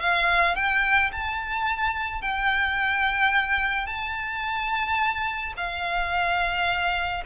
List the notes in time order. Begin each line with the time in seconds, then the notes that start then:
0.00 F5
0.55 G5
1.12 A5
2.21 G5
3.86 A5
5.56 F5